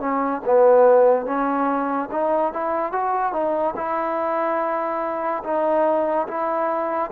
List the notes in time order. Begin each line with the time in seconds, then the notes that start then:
0.00 C#4
0.45 B3
1.26 C#4
2.11 D#4
2.53 E4
2.92 F#4
3.33 D#4
3.76 E4
5.44 D#4
6.28 E4